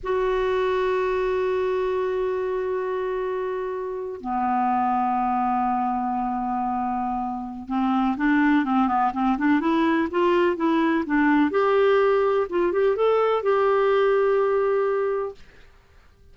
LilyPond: \new Staff \with { instrumentName = "clarinet" } { \time 4/4 \tempo 4 = 125 fis'1~ | fis'1~ | fis'8. b2.~ b16~ | b1 |
c'4 d'4 c'8 b8 c'8 d'8 | e'4 f'4 e'4 d'4 | g'2 f'8 g'8 a'4 | g'1 | }